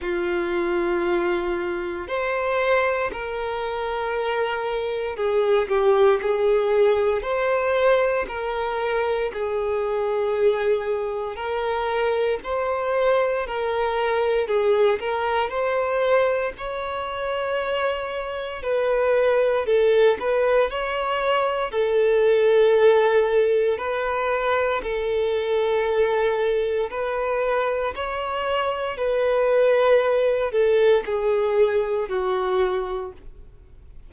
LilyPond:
\new Staff \with { instrumentName = "violin" } { \time 4/4 \tempo 4 = 58 f'2 c''4 ais'4~ | ais'4 gis'8 g'8 gis'4 c''4 | ais'4 gis'2 ais'4 | c''4 ais'4 gis'8 ais'8 c''4 |
cis''2 b'4 a'8 b'8 | cis''4 a'2 b'4 | a'2 b'4 cis''4 | b'4. a'8 gis'4 fis'4 | }